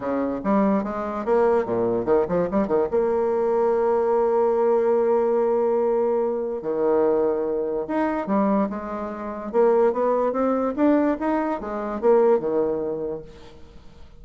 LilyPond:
\new Staff \with { instrumentName = "bassoon" } { \time 4/4 \tempo 4 = 145 cis4 g4 gis4 ais4 | ais,4 dis8 f8 g8 dis8 ais4~ | ais1~ | ais1 |
dis2. dis'4 | g4 gis2 ais4 | b4 c'4 d'4 dis'4 | gis4 ais4 dis2 | }